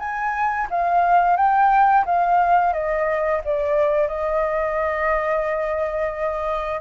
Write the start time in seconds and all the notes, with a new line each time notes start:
0.00 G#5
0.71 F5
1.37 G5
2.06 F5
2.73 D#5
3.45 D5
4.08 D#5